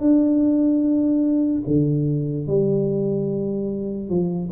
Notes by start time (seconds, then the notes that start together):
0.00 D4
1.67 D3
2.47 G3
4.09 F3